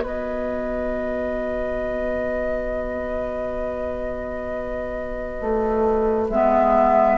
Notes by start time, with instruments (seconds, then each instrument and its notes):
0.00 bassoon B3, clarinet F#4, oboe B4, flute D#5
5.41 bassoon A3
6.29 bassoon G#3, clarinet B3, flute E5